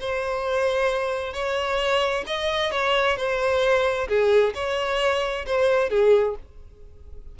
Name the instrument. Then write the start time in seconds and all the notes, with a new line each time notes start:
violin
0.00 C5
1.33 C#5
2.26 D#5
2.71 C#5
3.17 C5
4.08 G#4
4.54 C#5
5.46 C5
5.90 G#4